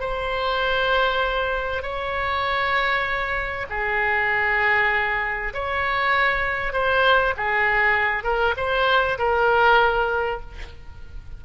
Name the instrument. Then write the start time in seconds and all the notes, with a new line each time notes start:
oboe
0.00 C5
1.82 C#5
3.70 G#4
5.54 C#5
6.73 C5
7.37 G#4
8.24 A#4
8.57 C5
9.18 A#4